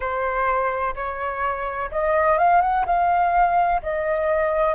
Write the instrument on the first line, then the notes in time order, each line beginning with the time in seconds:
flute
0.00 C5
0.95 C#5
1.90 D#5
2.38 F5
2.61 F#5
2.86 F5
3.82 D#5